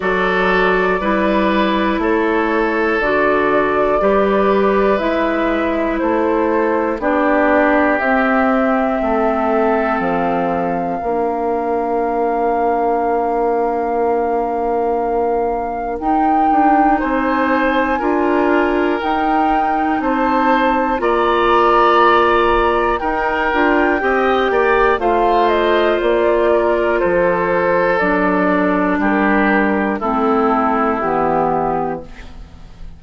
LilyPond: <<
  \new Staff \with { instrumentName = "flute" } { \time 4/4 \tempo 4 = 60 d''2 cis''4 d''4~ | d''4 e''4 c''4 d''4 | e''2 f''2~ | f''1 |
g''4 gis''2 g''4 | a''4 ais''2 g''4~ | g''4 f''8 dis''8 d''4 c''4 | d''4 ais'4 a'4 g'4 | }
  \new Staff \with { instrumentName = "oboe" } { \time 4/4 a'4 b'4 a'2 | b'2 a'4 g'4~ | g'4 a'2 ais'4~ | ais'1~ |
ais'4 c''4 ais'2 | c''4 d''2 ais'4 | dis''8 d''8 c''4. ais'8 a'4~ | a'4 g'4 e'2 | }
  \new Staff \with { instrumentName = "clarinet" } { \time 4/4 fis'4 e'2 fis'4 | g'4 e'2 d'4 | c'2. d'4~ | d'1 |
dis'2 f'4 dis'4~ | dis'4 f'2 dis'8 f'8 | g'4 f'2. | d'2 c'4 b4 | }
  \new Staff \with { instrumentName = "bassoon" } { \time 4/4 fis4 g4 a4 d4 | g4 gis4 a4 b4 | c'4 a4 f4 ais4~ | ais1 |
dis'8 d'8 c'4 d'4 dis'4 | c'4 ais2 dis'8 d'8 | c'8 ais8 a4 ais4 f4 | fis4 g4 a4 e4 | }
>>